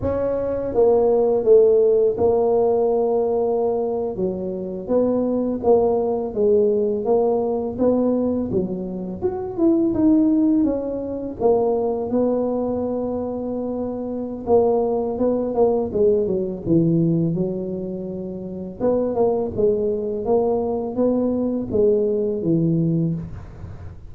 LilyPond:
\new Staff \with { instrumentName = "tuba" } { \time 4/4 \tempo 4 = 83 cis'4 ais4 a4 ais4~ | ais4.~ ais16 fis4 b4 ais16~ | ais8. gis4 ais4 b4 fis16~ | fis8. fis'8 e'8 dis'4 cis'4 ais16~ |
ais8. b2.~ b16 | ais4 b8 ais8 gis8 fis8 e4 | fis2 b8 ais8 gis4 | ais4 b4 gis4 e4 | }